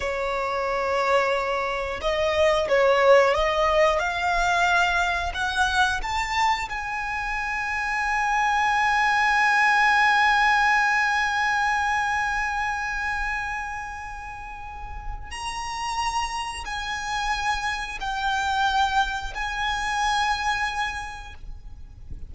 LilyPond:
\new Staff \with { instrumentName = "violin" } { \time 4/4 \tempo 4 = 90 cis''2. dis''4 | cis''4 dis''4 f''2 | fis''4 a''4 gis''2~ | gis''1~ |
gis''1~ | gis''2. ais''4~ | ais''4 gis''2 g''4~ | g''4 gis''2. | }